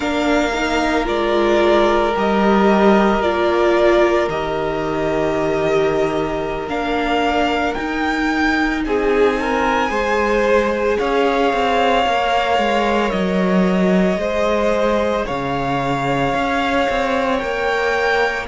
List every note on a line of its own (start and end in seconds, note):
0.00 1.08 A#3
0.00 0.50 D4
0.00 8.83 A#4
0.00 1.04 F5
0.53 1.04 D#4
1.04 2.15 G#3
1.04 2.11 F4
1.04 2.14 D5
2.15 3.19 G3
2.15 3.22 G4
2.15 3.21 D#5
3.19 4.26 A#3
3.19 4.29 F4
3.19 4.28 D5
4.28 6.67 D#3
4.28 6.68 G4
4.28 6.69 D#5
6.67 7.74 A#3
6.67 7.75 D4
6.67 7.74 F5
7.74 9.88 D#4
7.74 8.85 D#4
7.74 8.81 G5
8.85 9.90 C4
8.85 9.40 G#4
8.85 10.98 G#5
9.40 9.90 A#4
9.88 10.97 G#3
9.88 12.03 G#4
9.88 10.97 C5
10.98 11.52 C#4
10.98 14.20 C#5
10.98 13.10 F5
11.52 12.06 C4
12.06 12.58 A#3
12.06 14.18 A#4
12.58 13.11 G#3
13.10 14.17 F#3
13.10 15.24 D#5
14.17 15.24 G#3
14.17 17.39 G#4
14.17 15.25 C5
15.25 16.33 C#3
15.25 18.47 C#5
15.25 17.38 F5
16.33 16.87 C#4
16.89 17.42 C4
17.38 18.47 A#3
17.38 18.46 A#4
17.38 18.45 G5